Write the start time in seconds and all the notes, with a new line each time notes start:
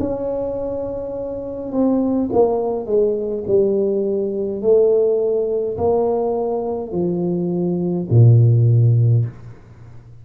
0.00 C#4
1.73 C4
2.33 A#3
2.86 G#3
3.47 G3
4.62 A3
5.78 A#3
6.92 F3
8.10 A#2